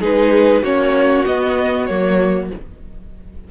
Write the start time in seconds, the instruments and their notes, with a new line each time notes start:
0.00 cello G#3, viola D#4, violin G#4 B4
0.62 cello A#3, viola C#4, violin F#4 C#5
1.25 viola B3, cello B3, violin D#5
1.86 cello F#3, viola A#3, violin C#5